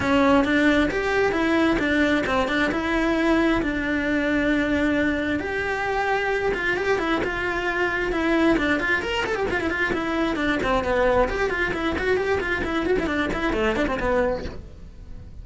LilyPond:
\new Staff \with { instrumentName = "cello" } { \time 4/4 \tempo 4 = 133 cis'4 d'4 g'4 e'4 | d'4 c'8 d'8 e'2 | d'1 | g'2~ g'8 f'8 g'8 e'8 |
f'2 e'4 d'8 f'8 | ais'8 a'16 g'16 f'16 e'16 f'8 e'4 d'8 c'8 | b4 g'8 f'8 e'8 fis'8 g'8 f'8 | e'8 fis'16 e'16 d'8 e'8 a8 d'16 c'16 b4 | }